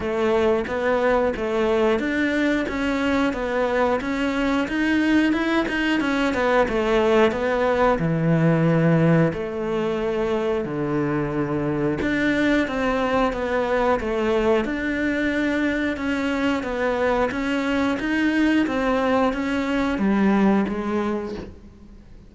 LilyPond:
\new Staff \with { instrumentName = "cello" } { \time 4/4 \tempo 4 = 90 a4 b4 a4 d'4 | cis'4 b4 cis'4 dis'4 | e'8 dis'8 cis'8 b8 a4 b4 | e2 a2 |
d2 d'4 c'4 | b4 a4 d'2 | cis'4 b4 cis'4 dis'4 | c'4 cis'4 g4 gis4 | }